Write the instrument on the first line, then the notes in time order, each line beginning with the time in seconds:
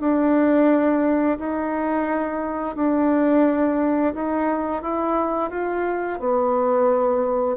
bassoon
0.00 D4
1.39 D#4
2.76 D4
4.14 D#4
4.82 E4
5.50 F4
6.19 B3